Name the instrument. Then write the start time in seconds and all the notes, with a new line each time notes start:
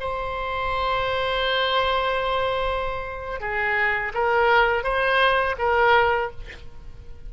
oboe
0.00 C5
3.40 G#4
4.14 A#4
4.83 C5
5.58 A#4